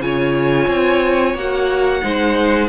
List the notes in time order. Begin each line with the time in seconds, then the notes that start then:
0.00 C#3 F4 C#5 G#5
0.68 C4
1.34 A#3 F#4 F#5
2.02 G#3 D#4 C5